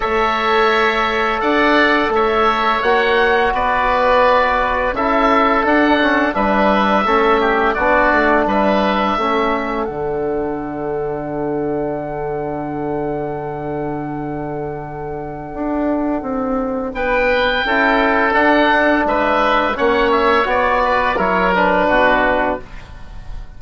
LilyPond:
<<
  \new Staff \with { instrumentName = "oboe" } { \time 4/4 \tempo 4 = 85 e''2 fis''4 e''4 | fis''4 d''2 e''4 | fis''4 e''2 d''4 | e''2 fis''2~ |
fis''1~ | fis''1 | g''2 fis''4 e''4 | fis''8 e''8 d''4 cis''8 b'4. | }
  \new Staff \with { instrumentName = "oboe" } { \time 4/4 cis''2 d''4 cis''4~ | cis''4 b'2 a'4~ | a'4 b'4 a'8 g'8 fis'4 | b'4 a'2.~ |
a'1~ | a'1 | b'4 a'2 b'4 | cis''4. b'8 ais'4 fis'4 | }
  \new Staff \with { instrumentName = "trombone" } { \time 4/4 a'1 | fis'2. e'4 | d'8 cis'8 d'4 cis'4 d'4~ | d'4 cis'4 d'2~ |
d'1~ | d'1~ | d'4 e'4 d'2 | cis'4 fis'4 e'8 d'4. | }
  \new Staff \with { instrumentName = "bassoon" } { \time 4/4 a2 d'4 a4 | ais4 b2 cis'4 | d'4 g4 a4 b8 a8 | g4 a4 d2~ |
d1~ | d2 d'4 c'4 | b4 cis'4 d'4 gis4 | ais4 b4 fis4 b,4 | }
>>